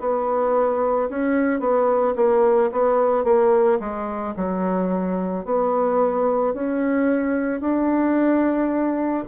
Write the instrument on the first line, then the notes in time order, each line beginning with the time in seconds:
bassoon
0.00 B3
1.10 C#4
1.60 B3
2.16 A#3
2.72 B3
3.24 A#3
3.80 G#3
4.36 F#3
5.45 B3
6.54 C#4
7.61 D4